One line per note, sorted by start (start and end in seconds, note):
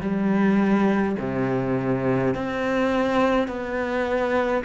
0.00 1.15 G3
1.19 2.34 C3
2.34 3.48 C4
3.48 4.63 B3